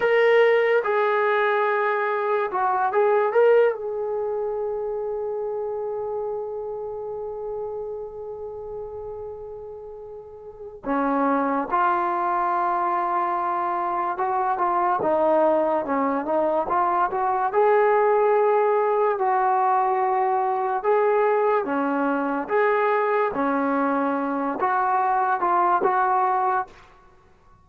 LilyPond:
\new Staff \with { instrumentName = "trombone" } { \time 4/4 \tempo 4 = 72 ais'4 gis'2 fis'8 gis'8 | ais'8 gis'2.~ gis'8~ | gis'1~ | gis'4 cis'4 f'2~ |
f'4 fis'8 f'8 dis'4 cis'8 dis'8 | f'8 fis'8 gis'2 fis'4~ | fis'4 gis'4 cis'4 gis'4 | cis'4. fis'4 f'8 fis'4 | }